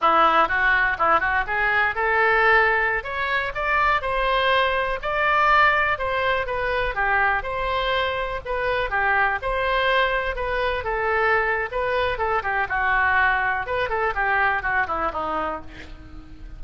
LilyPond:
\new Staff \with { instrumentName = "oboe" } { \time 4/4 \tempo 4 = 123 e'4 fis'4 e'8 fis'8 gis'4 | a'2~ a'16 cis''4 d''8.~ | d''16 c''2 d''4.~ d''16~ | d''16 c''4 b'4 g'4 c''8.~ |
c''4~ c''16 b'4 g'4 c''8.~ | c''4~ c''16 b'4 a'4.~ a'16 | b'4 a'8 g'8 fis'2 | b'8 a'8 g'4 fis'8 e'8 dis'4 | }